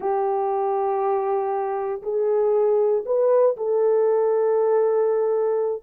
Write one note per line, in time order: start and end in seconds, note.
0.00 2.02 G4
2.02 3.04 G#4
3.05 3.56 B4
3.56 5.82 A4